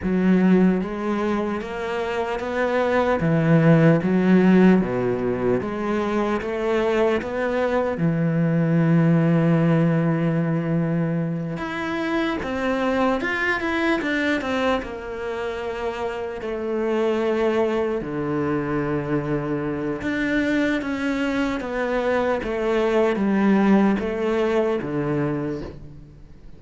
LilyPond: \new Staff \with { instrumentName = "cello" } { \time 4/4 \tempo 4 = 75 fis4 gis4 ais4 b4 | e4 fis4 b,4 gis4 | a4 b4 e2~ | e2~ e8 e'4 c'8~ |
c'8 f'8 e'8 d'8 c'8 ais4.~ | ais8 a2 d4.~ | d4 d'4 cis'4 b4 | a4 g4 a4 d4 | }